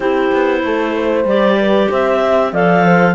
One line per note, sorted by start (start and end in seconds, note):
0.00 0.31 C4
0.00 1.26 E4
0.00 0.61 G4
0.00 1.23 C5
0.32 0.63 B3
0.63 1.24 A3
0.63 0.95 A4
0.95 1.58 C5
1.24 1.87 G3
1.24 2.53 G4
1.24 1.91 D5
1.60 1.89 B4
1.89 2.52 C4
1.89 2.20 C5
1.89 2.54 E5
2.23 2.54 E5
2.52 3.14 F3
2.52 3.14 A4
2.52 2.85 D5
2.52 3.14 F5
2.85 3.14 C5